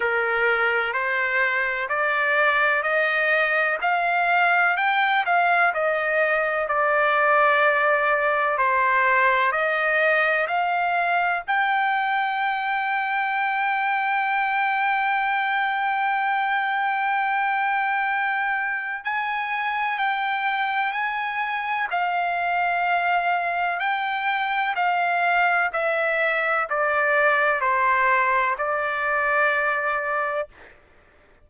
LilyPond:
\new Staff \with { instrumentName = "trumpet" } { \time 4/4 \tempo 4 = 63 ais'4 c''4 d''4 dis''4 | f''4 g''8 f''8 dis''4 d''4~ | d''4 c''4 dis''4 f''4 | g''1~ |
g''1 | gis''4 g''4 gis''4 f''4~ | f''4 g''4 f''4 e''4 | d''4 c''4 d''2 | }